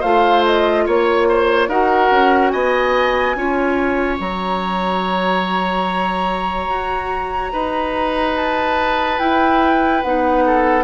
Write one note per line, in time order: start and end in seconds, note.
0.00 0.87 A3
0.00 1.70 F4
0.00 0.83 C5
0.00 0.44 F5
0.45 0.87 D#5
0.86 1.68 A#3
0.86 1.28 C#5
0.86 1.70 C#5
1.28 1.69 C5
1.68 2.09 D#4
1.68 3.36 F#4
1.68 2.52 A#4
1.68 2.50 F#5
2.11 2.53 C#4
2.50 3.35 B3
2.50 3.36 D#5
2.50 4.16 G#5
3.35 4.19 C#4
3.35 4.19 F4
3.35 7.53 C#5
4.19 6.69 F#3
4.19 9.19 F#4
4.19 8.36 A#5
6.69 7.52 F#4
7.53 9.19 D#4
7.53 10.44 B4
8.36 9.19 A5
9.19 10.02 E4
9.19 10.03 E4
9.19 10.02 G5
10.02 10.84 B3
10.02 10.84 D#4
10.02 10.84 F#5
10.46 10.84 A4